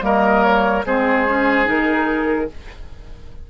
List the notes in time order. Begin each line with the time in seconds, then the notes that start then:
0.00 G3 A#3 A#4 D#5
0.43 C#5
0.85 G#3 C4 G#4 C5
1.27 C#4
1.64 D#3 D#4 A#4